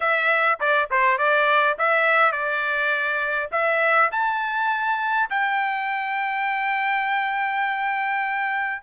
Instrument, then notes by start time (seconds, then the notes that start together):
trumpet
0.00 E5
0.60 D5
0.90 C5
1.18 D5
1.78 E5
2.32 D5
3.51 E5
4.11 A5
5.29 G5